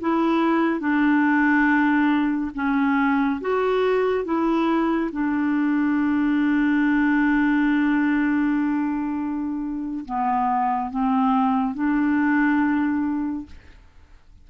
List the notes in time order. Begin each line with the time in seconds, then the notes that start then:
0.00 E4
0.79 D4
2.54 C#4
3.40 F#4
4.24 E4
5.12 D4
10.05 B3
10.90 C4
11.74 D4